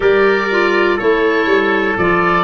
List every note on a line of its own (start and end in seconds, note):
0.00 0.98 G3
0.00 0.47 G4
0.00 0.96 A#4
0.00 0.99 D5
0.50 0.99 F4
0.96 1.46 A3
0.96 1.98 E4
0.96 2.43 A4
0.96 1.97 C#5
1.46 1.95 G3
1.98 2.43 F3
1.98 2.43 F4
1.98 2.43 D5